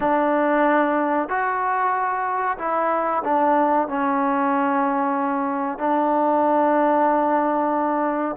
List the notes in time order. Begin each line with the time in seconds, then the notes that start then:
0.00 D4
1.28 F#4
2.58 E4
3.24 D4
3.88 C#4
5.78 D4